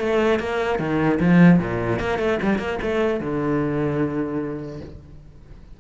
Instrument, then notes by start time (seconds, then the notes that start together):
cello
0.00 A3
0.39 A#3
0.79 D#3
1.20 F3
1.59 A#2
1.99 A#3
2.19 A3
2.42 G3
2.59 A#3
2.82 A3
3.20 D3